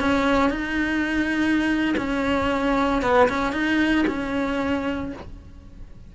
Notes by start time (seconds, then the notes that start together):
0.00 C#4
0.50 D#4
1.97 C#4
3.02 B3
3.29 C#4
3.53 D#4
4.08 C#4